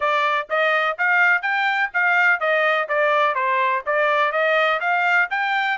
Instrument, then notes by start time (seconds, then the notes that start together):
trumpet
0.00 D5
0.49 D#5
0.98 F5
1.42 G5
1.93 F5
2.40 D#5
2.88 D5
3.34 C5
3.86 D5
4.32 D#5
4.80 F5
5.30 G5